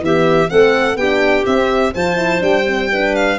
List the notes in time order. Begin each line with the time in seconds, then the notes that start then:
0.00 E3 B3 G4 E5
0.48 A3 C4 A4 F#5
0.95 B3 D4 G4 G5
1.45 C4 E5
1.93 F3 F4 C5 A5
2.16 E4
2.40 G3 D4 G5
2.66 C4
2.91 D4 B4
3.15 F5